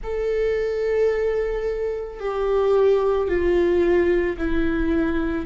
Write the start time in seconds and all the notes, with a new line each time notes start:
0.03 A4
2.20 G4
3.27 F4
4.37 E4